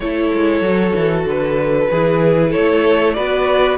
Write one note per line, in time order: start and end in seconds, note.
0.00 0.32 A3
0.00 0.65 E4
0.00 1.91 A4
0.00 1.24 C#5
0.32 0.61 G#3
0.61 0.92 F#3
0.61 1.91 F#4
0.95 1.25 E3
1.25 1.88 D3
1.25 2.51 B4
1.91 2.54 E3
1.91 3.16 E4
1.91 2.50 G#4
2.50 3.17 A3
2.50 3.13 A4
2.50 3.14 C#5
3.14 3.78 B3
3.14 3.78 F#4
3.14 3.78 B4
3.14 3.77 D5